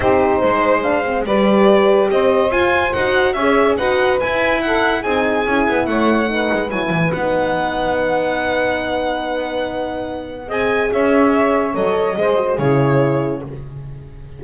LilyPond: <<
  \new Staff \with { instrumentName = "violin" } { \time 4/4 \tempo 4 = 143 c''2. d''4~ | d''4 dis''4 gis''4 fis''4 | e''4 fis''4 gis''4 fis''4 | gis''2 fis''2 |
gis''4 fis''2.~ | fis''1~ | fis''4 gis''4 e''2 | dis''2 cis''2 | }
  \new Staff \with { instrumentName = "saxophone" } { \time 4/4 g'4 c''4 f''4 b'4~ | b'4 c''2. | cis''4 b'2 a'4 | gis'2 cis''4 b'4~ |
b'1~ | b'1~ | b'4 dis''4 cis''2~ | cis''4 c''4 gis'2 | }
  \new Staff \with { instrumentName = "horn" } { \time 4/4 dis'2 d'8 c'8 g'4~ | g'2 f'4 fis'4 | gis'4 fis'4 e'2 | dis'4 e'2 dis'4 |
e'4 dis'2.~ | dis'1~ | dis'4 gis'2. | a'4 gis'8 fis'8 e'2 | }
  \new Staff \with { instrumentName = "double bass" } { \time 4/4 c'4 gis2 g4~ | g4 c'4 f'4 dis'4 | cis'4 dis'4 e'2 | c'4 cis'8 b8 a4. gis8 |
fis8 e8 b2.~ | b1~ | b4 c'4 cis'2 | fis4 gis4 cis2 | }
>>